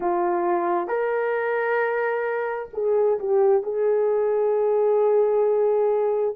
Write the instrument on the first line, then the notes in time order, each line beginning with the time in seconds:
horn
0.00 F4
0.87 A#4
2.73 G#4
3.19 G4
3.62 G#4